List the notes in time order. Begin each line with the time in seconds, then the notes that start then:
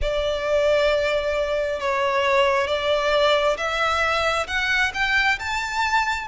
0.01 D5
1.80 C#5
2.67 D5
3.57 E5
4.47 F#5
4.94 G5
5.39 A5